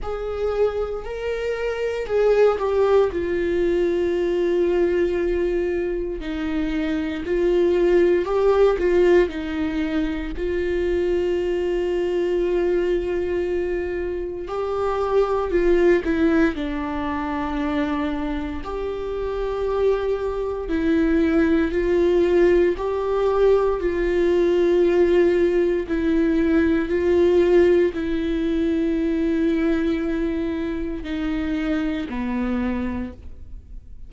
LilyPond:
\new Staff \with { instrumentName = "viola" } { \time 4/4 \tempo 4 = 58 gis'4 ais'4 gis'8 g'8 f'4~ | f'2 dis'4 f'4 | g'8 f'8 dis'4 f'2~ | f'2 g'4 f'8 e'8 |
d'2 g'2 | e'4 f'4 g'4 f'4~ | f'4 e'4 f'4 e'4~ | e'2 dis'4 b4 | }